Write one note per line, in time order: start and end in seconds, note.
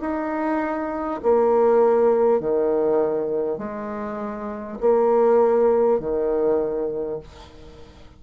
0.00 1.20 D#4
1.22 2.39 A#3
2.39 3.57 D#3
3.57 4.77 G#3
4.80 5.99 A#3
5.99 7.19 D#3